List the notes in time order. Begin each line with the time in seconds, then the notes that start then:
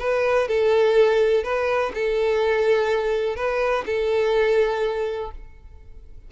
0.00 B4
0.48 A4
1.44 B4
1.95 A4
3.36 B4
3.86 A4